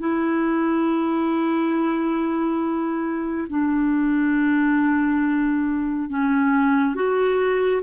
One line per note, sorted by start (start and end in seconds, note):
0.00 3.48 E4
3.49 6.10 D4
6.10 6.96 C#4
6.96 7.83 F#4